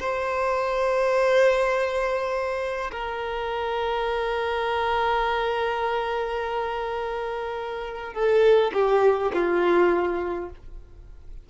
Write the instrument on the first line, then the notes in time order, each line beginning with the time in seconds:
violin
0.00 C5
2.92 A#4
8.14 A4
8.74 G4
9.34 F4